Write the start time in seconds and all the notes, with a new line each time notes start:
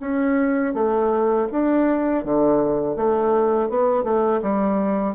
0.00 C#4
0.74 A3
1.52 D4
2.25 D3
2.96 A3
3.69 B3
4.04 A3
4.42 G3